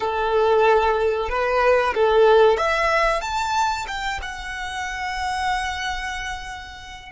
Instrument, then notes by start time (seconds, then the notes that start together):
violin
0.00 A4
1.29 B4
1.94 A4
2.57 E5
3.21 A5
3.87 G5
4.22 F#5